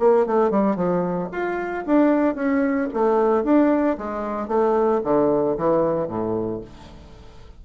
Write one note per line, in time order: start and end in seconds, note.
0.00 0.27 A#3
0.27 0.51 A3
0.51 0.76 G3
0.76 1.29 F3
1.32 1.85 F4
1.87 2.36 D4
2.36 2.89 C#4
2.94 3.44 A3
3.44 3.98 D4
3.98 4.48 G#3
4.48 5.01 A3
5.04 5.57 D3
5.58 6.08 E3
6.08 6.62 A2